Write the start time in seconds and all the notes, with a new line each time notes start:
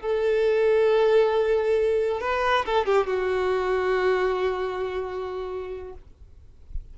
0.00 A4
2.21 B4
2.66 A4
2.86 G4
3.06 F#4